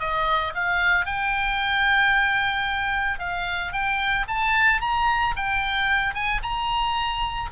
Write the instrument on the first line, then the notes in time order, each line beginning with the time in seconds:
oboe
0.00 D#5
0.55 F5
1.06 G5
3.19 F5
3.73 G5
4.28 A5
4.81 A#5
5.36 G5
6.14 G#5
6.43 A#5